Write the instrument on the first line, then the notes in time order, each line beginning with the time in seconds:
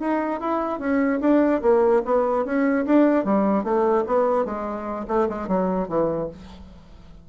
bassoon
0.00 D#4
0.40 E4
0.80 C#4
1.21 D4
1.62 A#3
2.05 B3
2.45 C#4
2.86 D4
3.25 G3
3.64 A3
4.07 B3
4.46 G#3
5.08 A3
5.29 G#3
5.48 F#3
5.89 E3